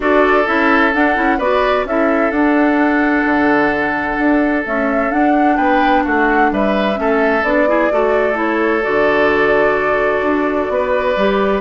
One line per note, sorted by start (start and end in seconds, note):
0.00 0.46 D4
0.00 0.45 F#4
0.00 1.38 A4
0.00 0.46 D5
0.46 0.94 C#4
0.46 0.92 E4
0.46 0.93 E5
0.94 1.15 D4
0.94 1.16 D4
0.94 1.39 F#5
1.15 1.38 C#4
1.15 1.38 E4
1.38 1.84 B3
1.38 1.87 F#4
1.38 1.84 B4
1.38 1.86 D5
1.84 2.31 C#4
1.84 2.33 E4
1.84 5.56 A4
1.84 2.31 E5
2.31 3.24 D4
2.31 4.64 D4
2.31 4.63 F#5
3.25 4.18 D3
4.18 4.64 D4
4.64 5.09 A3
4.64 5.13 C#4
4.64 5.11 E5
5.09 6.95 D4
5.09 5.57 D4
5.09 5.56 F#5
5.56 6.04 B3
5.56 6.03 B4
5.56 6.03 G5
6.03 6.51 A3
6.03 6.50 F#4
6.03 6.52 F#5
6.51 6.98 G3
6.51 6.99 B4
6.51 7.44 E5
6.95 7.43 A3
6.95 7.41 C#4
6.95 7.69 A4
7.43 7.89 B3
7.43 7.67 D4
7.43 8.37 D5
7.67 7.90 E4
7.67 7.92 G#4
7.91 8.84 A3
7.91 8.33 F#4
7.91 10.72 A4
8.33 8.80 E4
8.33 8.83 C#5
8.82 10.21 D3
8.82 11.15 F#4
8.82 11.61 D5
10.21 10.68 D4
10.69 11.15 B3
10.69 11.61 B4
11.16 11.61 G3
11.16 11.61 G4